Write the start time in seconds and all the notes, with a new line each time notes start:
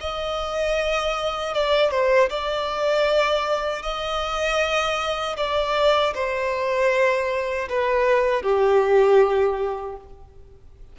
0.00 D#5
1.53 D5
1.91 C5
2.29 D5
3.82 D#5
5.36 D5
6.14 C5
7.69 B4
8.42 G4